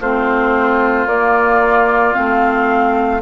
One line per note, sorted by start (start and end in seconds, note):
0.00 1.06 A3
0.00 1.08 C4
0.00 3.21 F4
0.00 1.08 C5
1.06 2.14 A#3
1.06 2.14 D5
2.14 3.22 A3
2.14 3.21 C4
2.14 3.21 F5